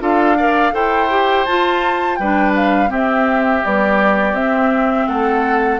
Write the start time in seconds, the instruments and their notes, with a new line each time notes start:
0.00 bassoon D4, clarinet F4, oboe A4, flute F5
0.38 clarinet A#4, oboe D5
0.72 bassoon E4, clarinet A4, oboe C5, flute G5
1.10 clarinet G4
1.45 bassoon F4, clarinet F4, flute A5
2.16 bassoon G3, oboe B4, flute G5
2.22 clarinet D4
2.56 flute F5
2.89 clarinet C4, bassoon C4, oboe G4, flute E5
3.65 clarinet G3, bassoon B3, flute D5
4.33 bassoon C4, clarinet C4, flute E5
5.08 bassoon A3, oboe A4, flute F#5